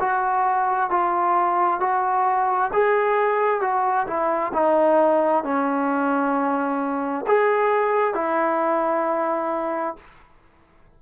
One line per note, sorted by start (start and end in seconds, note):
0.00 0.90 F#4
0.90 1.81 F4
1.81 2.71 F#4
2.73 3.61 G#4
3.61 4.07 F#4
4.07 4.52 E4
4.53 5.44 D#4
5.44 7.26 C#4
7.27 8.14 G#4
8.14 9.96 E4